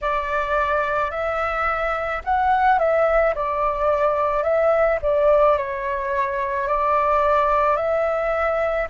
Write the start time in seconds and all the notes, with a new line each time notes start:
0.01 D5
1.11 E5
2.24 F#5
2.78 E5
3.34 D5
4.43 E5
5.02 D5
5.57 C#5
6.67 D5
7.76 E5